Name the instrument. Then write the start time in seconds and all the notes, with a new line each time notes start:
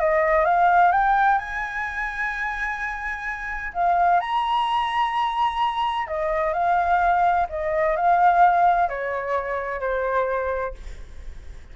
flute
0.00 D#5
0.46 F5
0.92 G5
1.39 G#5
3.74 F5
4.21 A#5
6.07 D#5
6.54 F5
7.50 D#5
7.97 F5
8.90 C#5
9.81 C5